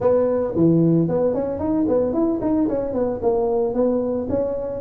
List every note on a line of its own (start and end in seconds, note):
0.00 0.54 B3
0.55 1.08 E3
1.08 1.34 B3
1.34 1.59 C#4
1.59 1.86 D#4
1.88 2.13 B3
2.13 2.39 E4
2.41 2.67 D#4
2.68 2.93 C#4
2.93 3.19 B3
3.22 3.74 A#3
3.74 4.27 B3
4.29 4.80 C#4